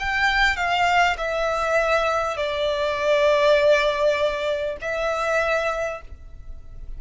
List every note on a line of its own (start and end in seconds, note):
0.00 0.57 G5
0.57 1.17 F5
1.18 2.37 E5
2.37 4.77 D5
4.82 6.02 E5